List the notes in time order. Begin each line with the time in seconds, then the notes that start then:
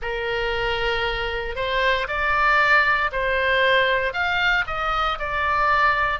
0.01 A#4
1.55 C5
2.07 D5
3.12 C5
4.13 F5
4.66 D#5
5.18 D5